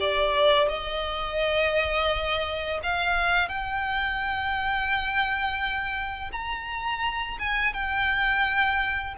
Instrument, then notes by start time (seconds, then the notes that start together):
violin
0.00 D5
0.68 D#5
2.82 F5
3.48 G5
6.32 A#5
7.39 G#5
7.73 G5